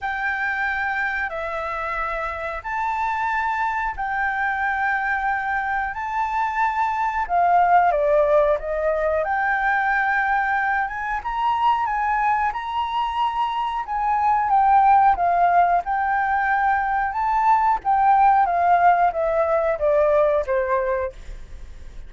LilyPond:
\new Staff \with { instrumentName = "flute" } { \time 4/4 \tempo 4 = 91 g''2 e''2 | a''2 g''2~ | g''4 a''2 f''4 | d''4 dis''4 g''2~ |
g''8 gis''8 ais''4 gis''4 ais''4~ | ais''4 gis''4 g''4 f''4 | g''2 a''4 g''4 | f''4 e''4 d''4 c''4 | }